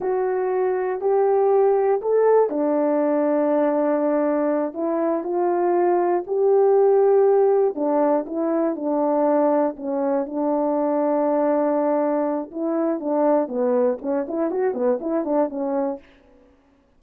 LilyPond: \new Staff \with { instrumentName = "horn" } { \time 4/4 \tempo 4 = 120 fis'2 g'2 | a'4 d'2.~ | d'4. e'4 f'4.~ | f'8 g'2. d'8~ |
d'8 e'4 d'2 cis'8~ | cis'8 d'2.~ d'8~ | d'4 e'4 d'4 b4 | cis'8 e'8 fis'8 b8 e'8 d'8 cis'4 | }